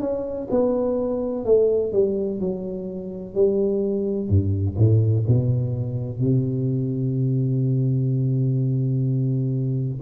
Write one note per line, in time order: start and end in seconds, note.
0.00 0.48 C#4
0.50 1.45 B3
1.45 1.92 A3
1.92 2.40 G3
2.40 3.35 F#3
3.35 4.29 G3
4.29 4.77 G2
4.77 5.25 A2
5.27 6.19 B2
6.19 10.00 C3